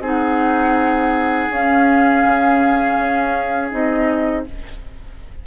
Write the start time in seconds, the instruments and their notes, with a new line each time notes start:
0.00 bassoon C4, clarinet D#4, oboe G#4
0.06 flute F#5
1.50 bassoon C#4, clarinet C#4, flute F5
2.24 bassoon C#3
2.98 bassoon C#4
3.71 bassoon C4, clarinet D#4, flute D#5